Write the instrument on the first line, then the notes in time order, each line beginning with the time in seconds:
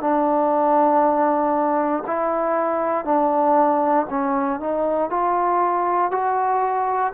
trombone
0.00 D4
2.07 E4
3.05 D4
4.09 C#4
4.59 D#4
5.10 F4
6.11 F#4